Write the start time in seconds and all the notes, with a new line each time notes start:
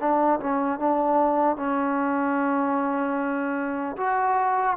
0.00 D4
0.40 C#4
0.80 D4
1.57 C#4
3.97 F#4